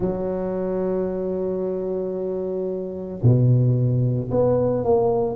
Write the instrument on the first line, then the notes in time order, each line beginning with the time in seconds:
tuba
0.00 F#3
3.22 B2
4.31 B3
4.84 A#3